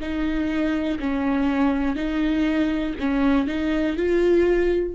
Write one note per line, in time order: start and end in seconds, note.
0.00 0.98 D#4
0.99 1.95 C#4
1.95 2.94 D#4
2.99 3.47 C#4
3.47 3.96 D#4
3.96 4.94 F4